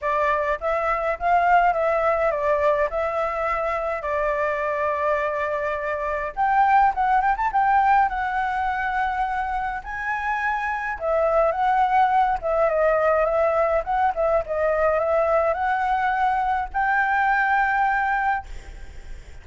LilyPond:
\new Staff \with { instrumentName = "flute" } { \time 4/4 \tempo 4 = 104 d''4 e''4 f''4 e''4 | d''4 e''2 d''4~ | d''2. g''4 | fis''8 g''16 a''16 g''4 fis''2~ |
fis''4 gis''2 e''4 | fis''4. e''8 dis''4 e''4 | fis''8 e''8 dis''4 e''4 fis''4~ | fis''4 g''2. | }